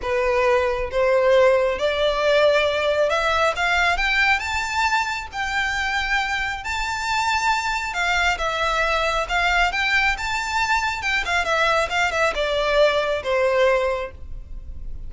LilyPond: \new Staff \with { instrumentName = "violin" } { \time 4/4 \tempo 4 = 136 b'2 c''2 | d''2. e''4 | f''4 g''4 a''2 | g''2. a''4~ |
a''2 f''4 e''4~ | e''4 f''4 g''4 a''4~ | a''4 g''8 f''8 e''4 f''8 e''8 | d''2 c''2 | }